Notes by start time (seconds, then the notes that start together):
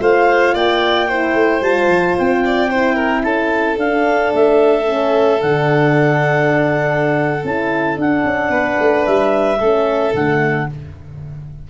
0.00 A3 F4 C5 F5
0.54 A#3 D5 G5
1.08 E4 C5
1.34 A3
1.61 G3 F4 A5
1.87 F3
2.18 C4 G5
2.45 D5
2.69 E4 C5
2.95 A#4
3.23 C#4 A4 A5
3.77 D4 F5
4.33 A3 E5
4.85 C#4
5.41 D3 D4 F#5
7.43 C#4 E4 A5
7.96 D4 F#5
8.24 C#4
8.49 B3 B4
8.79 A3
9.05 G3 E5
9.59 A3 C#4 A4
10.14 D3 A3 F#5